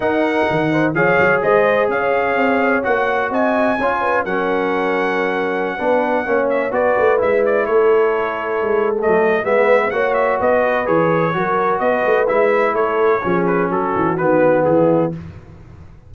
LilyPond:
<<
  \new Staff \with { instrumentName = "trumpet" } { \time 4/4 \tempo 4 = 127 fis''2 f''4 dis''4 | f''2 fis''4 gis''4~ | gis''4 fis''2.~ | fis''4.~ fis''16 e''8 d''4 e''8 d''16~ |
d''16 cis''2~ cis''8. dis''4 | e''4 fis''8 e''8 dis''4 cis''4~ | cis''4 dis''4 e''4 cis''4~ | cis''8 b'8 a'4 b'4 gis'4 | }
  \new Staff \with { instrumentName = "horn" } { \time 4/4 ais'4. c''8 cis''4 c''4 | cis''2. dis''4 | cis''8 b'8 ais'2.~ | ais'16 b'4 cis''4 b'4.~ b'16~ |
b'16 a'2.~ a'8. | b'4 cis''4 b'2 | ais'4 b'2 a'4 | gis'4 fis'2 e'4 | }
  \new Staff \with { instrumentName = "trombone" } { \time 4/4 dis'2 gis'2~ | gis'2 fis'2 | f'4 cis'2.~ | cis'16 d'4 cis'4 fis'4 e'8.~ |
e'2. a4 | b4 fis'2 gis'4 | fis'2 e'2 | cis'2 b2 | }
  \new Staff \with { instrumentName = "tuba" } { \time 4/4 dis'4 dis4 f8 fis8 gis4 | cis'4 c'4 ais4 c'4 | cis'4 fis2.~ | fis16 b4 ais4 b8 a8 gis8.~ |
gis16 a2 gis4 fis8. | gis4 ais4 b4 e4 | fis4 b8 a8 gis4 a4 | f4 fis8 e8 dis4 e4 | }
>>